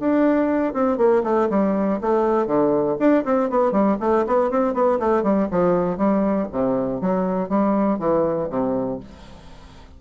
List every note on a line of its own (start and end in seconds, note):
0.00 0.73 D4
0.73 0.98 C4
0.98 1.23 A#3
1.24 1.49 A3
1.50 2.00 G3
2.01 2.47 A3
2.47 2.97 D3
3.00 3.25 D4
3.25 3.50 C4
3.50 3.72 B3
3.72 3.97 G3
4.00 4.25 A3
4.27 4.51 B3
4.51 4.74 C4
4.74 4.99 B3
5.00 5.23 A3
5.23 5.48 G3
5.51 5.97 F3
5.97 6.47 G3
6.52 7.01 C3
7.01 7.49 F#3
7.49 7.99 G3
7.99 8.49 E3
8.50 9.00 C3